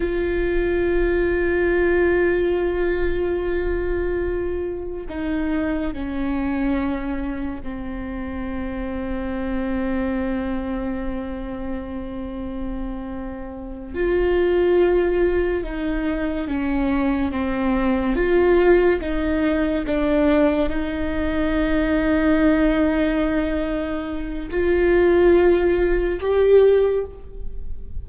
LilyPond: \new Staff \with { instrumentName = "viola" } { \time 4/4 \tempo 4 = 71 f'1~ | f'2 dis'4 cis'4~ | cis'4 c'2.~ | c'1~ |
c'8 f'2 dis'4 cis'8~ | cis'8 c'4 f'4 dis'4 d'8~ | d'8 dis'2.~ dis'8~ | dis'4 f'2 g'4 | }